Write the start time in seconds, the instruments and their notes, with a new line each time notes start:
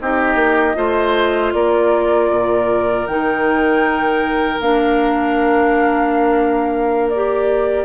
0.00 bassoon C4, clarinet D#4, oboe G4, flute D#5
0.35 bassoon A#3
0.74 bassoon A3, clarinet F4, oboe C5
1.53 bassoon A#3, oboe A#4, flute D5
2.30 bassoon A#2
3.06 bassoon D#3, clarinet D#4, flute G5
4.59 bassoon A#3, clarinet D4, flute F5
7.09 clarinet G4, flute D5